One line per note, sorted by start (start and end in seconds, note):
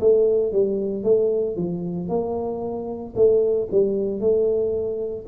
0.00 0.52 A3
0.52 1.03 G3
1.03 1.56 A3
1.56 2.09 F3
2.09 3.14 A#3
3.15 3.68 A3
3.71 4.20 G3
4.20 5.25 A3